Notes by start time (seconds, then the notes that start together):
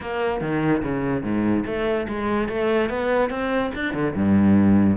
0.00 A#3
0.40 D#3
0.82 C#3
1.23 G#2
1.66 A3
2.08 G#3
2.48 A3
2.89 B3
3.30 C4
3.74 D4
3.93 D3
4.15 G2